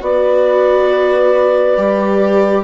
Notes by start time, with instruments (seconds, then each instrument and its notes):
0.00 bassoon B3, viola F#4, horn B4, clarinet D5
1.77 bassoon G3, viola G4